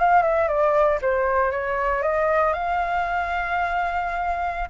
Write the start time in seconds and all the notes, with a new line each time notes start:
0.00 F5
0.23 E5
0.48 D5
1.02 C5
1.51 C#5
2.02 D#5
2.53 F5